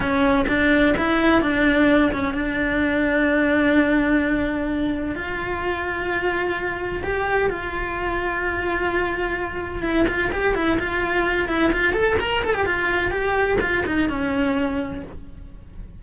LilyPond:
\new Staff \with { instrumentName = "cello" } { \time 4/4 \tempo 4 = 128 cis'4 d'4 e'4 d'4~ | d'8 cis'8 d'2.~ | d'2. f'4~ | f'2. g'4 |
f'1~ | f'4 e'8 f'8 g'8 e'8 f'4~ | f'8 e'8 f'8 a'8 ais'8 a'16 g'16 f'4 | g'4 f'8 dis'8 cis'2 | }